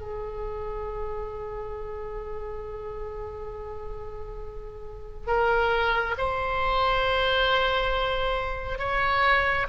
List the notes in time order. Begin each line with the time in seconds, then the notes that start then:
0.00 G#4
5.27 A#4
6.18 C5
8.79 C#5